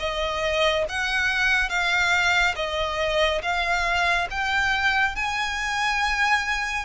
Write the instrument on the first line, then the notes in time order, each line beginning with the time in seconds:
violin
0.00 D#5
0.89 F#5
1.69 F5
2.56 D#5
3.42 F5
4.31 G5
5.16 G#5